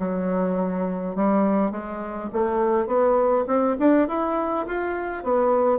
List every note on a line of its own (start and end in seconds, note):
0.00 1.16 F#3
1.16 1.72 G3
1.72 2.30 G#3
2.33 2.87 A3
2.87 3.46 B3
3.48 3.77 C4
3.79 4.09 D4
4.09 4.67 E4
4.67 5.24 F4
5.24 5.79 B3